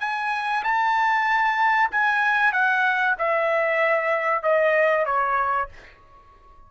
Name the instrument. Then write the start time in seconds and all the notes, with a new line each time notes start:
trumpet
0.00 G#5
0.64 A5
1.91 G#5
2.53 F#5
3.19 E5
4.43 D#5
5.06 C#5